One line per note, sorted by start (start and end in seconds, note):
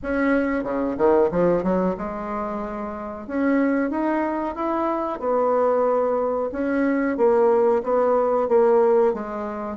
0.02 0.63 C#4
0.63 0.96 C#3
0.97 1.30 D#3
1.31 1.63 F3
1.63 1.95 F#3
1.97 3.27 G#3
3.27 3.90 C#4
3.90 4.55 D#4
4.55 5.19 E4
5.19 6.50 B3
6.52 7.17 C#4
7.17 7.82 A#3
7.83 8.48 B3
8.48 9.13 A#3
9.13 9.76 G#3